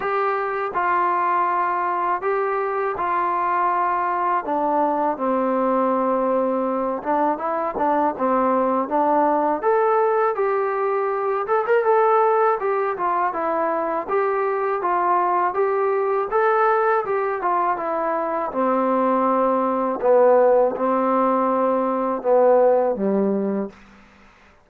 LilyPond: \new Staff \with { instrumentName = "trombone" } { \time 4/4 \tempo 4 = 81 g'4 f'2 g'4 | f'2 d'4 c'4~ | c'4. d'8 e'8 d'8 c'4 | d'4 a'4 g'4. a'16 ais'16 |
a'4 g'8 f'8 e'4 g'4 | f'4 g'4 a'4 g'8 f'8 | e'4 c'2 b4 | c'2 b4 g4 | }